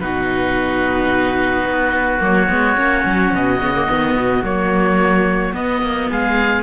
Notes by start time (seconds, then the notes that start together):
0.00 B2 D#4 F#4 B4
1.64 B3
2.20 F#3 A#3 C#5
2.50 G#3 B3
2.75 A#3 C#4
3.05 F#3
3.33 B2 D#5
3.61 C#3 B3
3.75 A#3
3.87 D#3 B3
4.16 B2
4.43 F#3 A#3 C#5
5.53 B3 D#5
5.82 A#3
6.09 G#3 G#4 F5